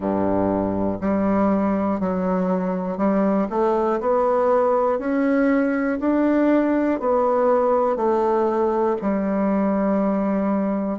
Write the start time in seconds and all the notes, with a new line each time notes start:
0.00 G2
1.00 G3
2.00 F#3
2.97 G3
3.50 A3
4.00 B3
4.99 C#4
6.00 D4
7.00 B3
7.96 A3
9.01 G3